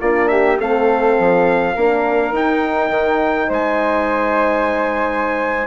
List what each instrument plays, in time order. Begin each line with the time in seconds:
0.00 bassoon A#3, horn D4, flute F4, trumpet D5
0.28 flute G4, trumpet E5
0.59 bassoon A3, horn C4, flute A4, trumpet F5
1.19 bassoon F3
1.75 bassoon A#3, horn D4, flute A#4
2.32 bassoon D#4, horn D#4, trumpet G5
2.90 bassoon D#3
3.49 bassoon G#3, flute C5, trumpet G#5